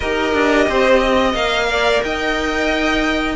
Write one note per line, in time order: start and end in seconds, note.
0.00 0.34 D#4
0.00 1.34 G4
0.00 0.66 A#4
0.00 1.34 D#5
0.34 0.67 D4
0.68 1.34 C4
0.68 0.99 C5
0.99 1.66 D#5
1.34 2.01 A#3
1.34 3.35 A#4
1.34 2.02 F5
1.70 2.04 D5
2.02 3.35 D#4
2.02 3.35 D#5
2.02 3.35 G5